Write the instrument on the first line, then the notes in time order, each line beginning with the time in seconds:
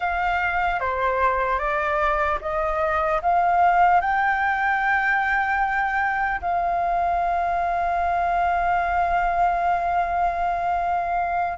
flute
0.00 F5
0.80 C5
1.58 D5
2.41 D#5
3.21 F5
4.00 G5
6.41 F5